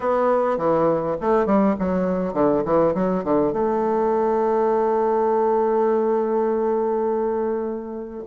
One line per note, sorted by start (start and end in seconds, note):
0.00 0.57 B3
0.57 1.16 E3
1.20 1.45 A3
1.45 1.75 G3
1.79 2.33 F#3
2.33 2.63 D3
2.64 2.94 E3
2.94 3.24 F#3
3.24 3.52 D3
3.52 8.23 A3